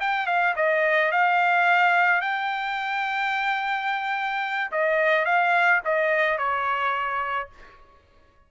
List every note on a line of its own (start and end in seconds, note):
0.00 0.27 G5
0.27 0.54 F5
0.56 1.12 D#5
1.12 2.21 F5
2.21 4.71 G5
4.71 5.25 D#5
5.25 5.81 F5
5.85 6.38 D#5
6.38 7.49 C#5